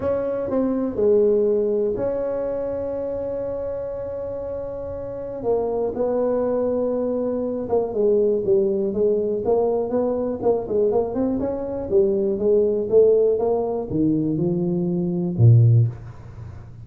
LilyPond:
\new Staff \with { instrumentName = "tuba" } { \time 4/4 \tempo 4 = 121 cis'4 c'4 gis2 | cis'1~ | cis'2. ais4 | b2.~ b8 ais8 |
gis4 g4 gis4 ais4 | b4 ais8 gis8 ais8 c'8 cis'4 | g4 gis4 a4 ais4 | dis4 f2 ais,4 | }